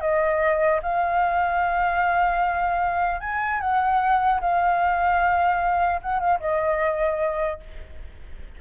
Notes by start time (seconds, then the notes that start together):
0.00 D#5
0.82 F5
3.20 G#5
3.60 F#5
4.40 F5
6.01 F#5
6.19 F5
6.40 D#5